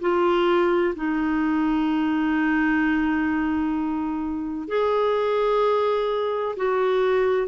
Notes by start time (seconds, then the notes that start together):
0.00 F4
0.95 D#4
4.67 G#4
6.56 F#4